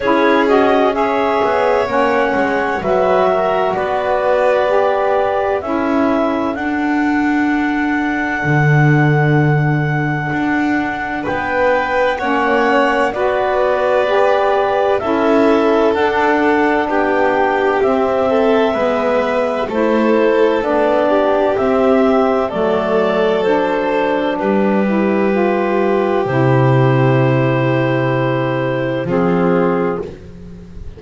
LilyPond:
<<
  \new Staff \with { instrumentName = "clarinet" } { \time 4/4 \tempo 4 = 64 cis''8 dis''8 e''4 fis''4 e''4 | d''2 e''4 fis''4~ | fis''1 | g''4 fis''4 d''2 |
e''4 fis''4 g''4 e''4~ | e''4 c''4 d''4 e''4 | d''4 c''4 b'2 | c''2. gis'4 | }
  \new Staff \with { instrumentName = "violin" } { \time 4/4 gis'4 cis''2 b'8 ais'8 | b'2 a'2~ | a'1 | b'4 cis''4 b'2 |
a'2 g'4. a'8 | b'4 a'4. g'4. | a'2 g'2~ | g'2. f'4 | }
  \new Staff \with { instrumentName = "saxophone" } { \time 4/4 e'8 fis'8 gis'4 cis'4 fis'4~ | fis'4 g'4 e'4 d'4~ | d'1~ | d'4 cis'4 fis'4 g'4 |
e'4 d'2 c'4 | b4 e'4 d'4 c'4 | a4 d'4. e'8 f'4 | e'2. c'4 | }
  \new Staff \with { instrumentName = "double bass" } { \time 4/4 cis'4. b8 ais8 gis8 fis4 | b2 cis'4 d'4~ | d'4 d2 d'4 | b4 ais4 b2 |
cis'4 d'4 b4 c'4 | gis4 a4 b4 c'4 | fis2 g2 | c2. f4 | }
>>